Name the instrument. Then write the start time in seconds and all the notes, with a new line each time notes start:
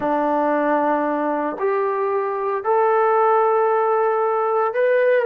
trombone
0.00 D4
1.59 G4
2.64 A4
4.73 B4